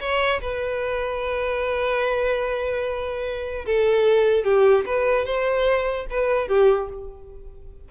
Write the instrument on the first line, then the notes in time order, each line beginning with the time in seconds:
violin
0.00 C#5
0.41 B4
3.66 A4
4.44 G4
4.86 B4
5.25 C5
6.10 B4
6.48 G4